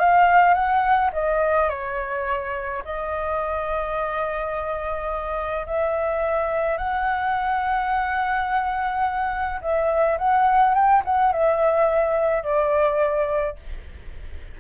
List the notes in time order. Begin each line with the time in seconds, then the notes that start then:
0.00 F5
0.55 F#5
1.13 D#5
1.70 C#5
2.85 D#5
5.67 E5
6.78 F#5
9.62 E5
10.19 F#5
10.75 G5
11.05 F#5
11.33 E5
12.44 D5